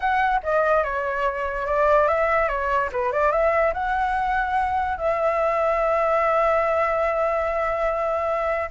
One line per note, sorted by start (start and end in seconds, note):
0.00 0.40 F#5
0.43 0.83 D#5
0.83 1.66 C#5
1.66 2.07 D5
2.08 2.48 E5
2.48 2.89 C#5
2.92 3.11 B4
3.11 3.32 D5
3.32 3.73 E5
3.73 4.97 F#5
4.97 8.70 E5